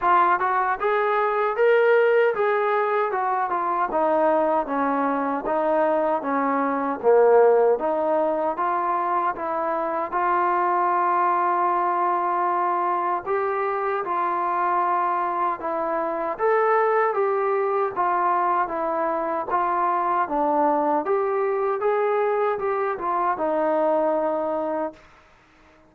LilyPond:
\new Staff \with { instrumentName = "trombone" } { \time 4/4 \tempo 4 = 77 f'8 fis'8 gis'4 ais'4 gis'4 | fis'8 f'8 dis'4 cis'4 dis'4 | cis'4 ais4 dis'4 f'4 | e'4 f'2.~ |
f'4 g'4 f'2 | e'4 a'4 g'4 f'4 | e'4 f'4 d'4 g'4 | gis'4 g'8 f'8 dis'2 | }